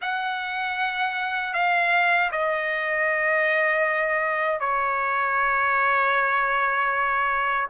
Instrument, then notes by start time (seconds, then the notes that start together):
trumpet
0.01 F#5
1.53 F5
2.31 D#5
4.59 C#5